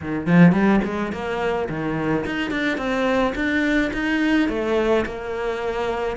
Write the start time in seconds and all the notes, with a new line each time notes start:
0.01 D#3
0.26 F3
0.52 G3
0.84 G#3
1.12 A#3
1.69 D#3
2.25 D#4
2.51 D4
2.77 C4
3.35 D4
3.93 D#4
4.49 A3
5.05 A#3